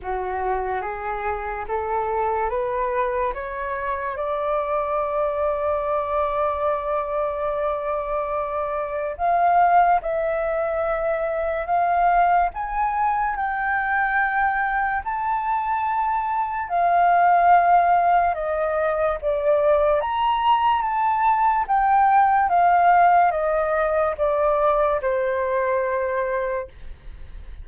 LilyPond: \new Staff \with { instrumentName = "flute" } { \time 4/4 \tempo 4 = 72 fis'4 gis'4 a'4 b'4 | cis''4 d''2.~ | d''2. f''4 | e''2 f''4 gis''4 |
g''2 a''2 | f''2 dis''4 d''4 | ais''4 a''4 g''4 f''4 | dis''4 d''4 c''2 | }